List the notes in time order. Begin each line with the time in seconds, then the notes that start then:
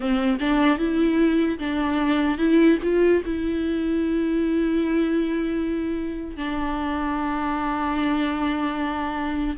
0.00 C4
0.40 D4
0.78 E4
1.59 D4
2.38 E4
2.82 F4
3.25 E4
6.36 D4